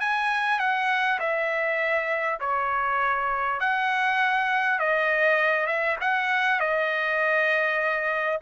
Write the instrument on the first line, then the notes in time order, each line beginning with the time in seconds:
trumpet
0.00 G#5
0.59 F#5
1.19 E5
2.40 C#5
3.60 F#5
4.79 D#5
5.66 E5
6.01 F#5
6.60 D#5